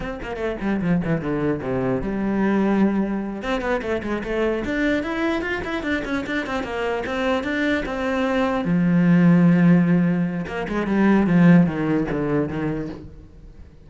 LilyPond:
\new Staff \with { instrumentName = "cello" } { \time 4/4 \tempo 4 = 149 c'8 ais8 a8 g8 f8 e8 d4 | c4 g2.~ | g8 c'8 b8 a8 gis8 a4 d'8~ | d'8 e'4 f'8 e'8 d'8 cis'8 d'8 |
c'8 ais4 c'4 d'4 c'8~ | c'4. f2~ f8~ | f2 ais8 gis8 g4 | f4 dis4 d4 dis4 | }